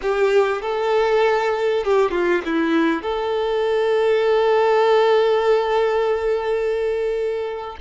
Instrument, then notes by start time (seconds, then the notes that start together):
violin
0.01 G4
0.61 A4
1.84 G4
2.11 F4
2.45 E4
3.02 A4